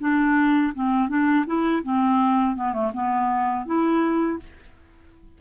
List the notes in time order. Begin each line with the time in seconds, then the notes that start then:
0.00 D4
0.74 C4
1.09 D4
1.46 E4
1.83 C4
2.56 B3
2.73 A3
2.93 B3
3.66 E4